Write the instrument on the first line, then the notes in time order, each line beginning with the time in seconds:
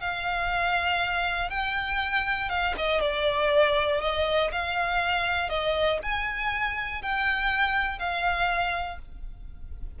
violin
0.00 F5
1.50 G5
2.49 F5
2.77 D#5
3.00 D5
4.00 D#5
4.52 F5
5.49 D#5
6.02 G#5
7.02 G5
7.98 F5